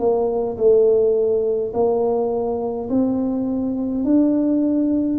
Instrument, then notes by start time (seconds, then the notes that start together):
tuba
0.00 A#3
0.58 A3
1.74 A#3
2.90 C4
4.05 D4